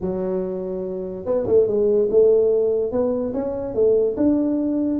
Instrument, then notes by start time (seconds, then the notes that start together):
tuba
0.00 F#3
1.25 B3
1.46 A3
1.67 G#3
2.10 A3
2.91 B3
3.33 C#4
3.74 A3
4.16 D4